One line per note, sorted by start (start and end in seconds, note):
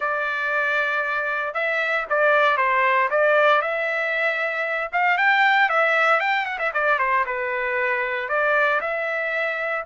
0.00 1.54 D5
1.54 2.05 E5
2.09 2.57 D5
2.57 3.09 C5
3.10 3.61 D5
3.61 4.90 E5
4.92 5.17 F5
5.17 5.69 G5
5.69 6.20 E5
6.20 6.45 G5
6.45 6.58 F#5
6.59 6.71 E5
6.73 6.98 D5
6.98 7.24 C5
7.26 8.29 B4
8.29 8.80 D5
8.80 9.84 E5